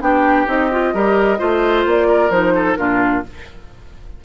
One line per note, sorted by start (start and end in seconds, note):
0.00 0.46 B3
0.00 0.46 D4
0.00 0.93 G4
0.00 0.47 G5
0.46 0.93 C4
0.46 0.69 D#4
0.46 1.85 D#5
0.71 0.94 F4
0.93 1.39 G3
0.93 1.38 G4
0.93 1.38 A#4
1.38 1.85 A3
1.38 2.29 F4
1.38 2.07 C5
1.85 2.30 A#3
1.85 2.30 D5
2.07 2.53 A#4
2.30 2.75 F3
2.30 2.77 D#4
2.30 2.75 C5
2.54 2.77 A4
2.75 3.24 A#2
2.75 3.23 D4
2.75 3.23 F4
2.75 3.21 A#4